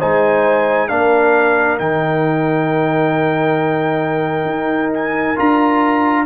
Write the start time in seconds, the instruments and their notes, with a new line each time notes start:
0.00 tuba G#3, trombone D#4, horn C5, trumpet G#5
0.89 tuba A#3, trombone D4, horn A#4, trumpet F5
1.79 tuba D#3, trombone D#4, trumpet G5
4.46 tuba D#4
4.94 trumpet G#5
5.36 tuba D4, trombone F4, trumpet A#5